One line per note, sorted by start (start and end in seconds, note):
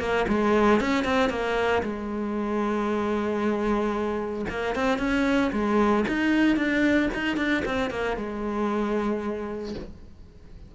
0.00 0.26 A#3
0.28 0.80 G#3
0.80 1.05 C#4
1.05 1.30 C4
1.30 1.83 A#3
1.83 4.46 G#3
4.50 4.76 A#3
4.76 4.99 C4
4.99 5.51 C#4
5.53 6.06 G#3
6.08 6.57 D#4
6.57 7.09 D4
7.14 7.37 D#4
7.37 7.63 D4
7.66 7.91 C4
7.91 8.17 A#3
8.17 9.75 G#3